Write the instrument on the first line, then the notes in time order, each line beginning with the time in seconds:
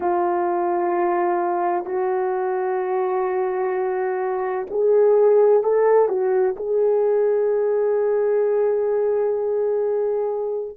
horn
0.00 F4
1.85 F#4
4.70 G#4
5.63 A4
6.08 F#4
6.56 G#4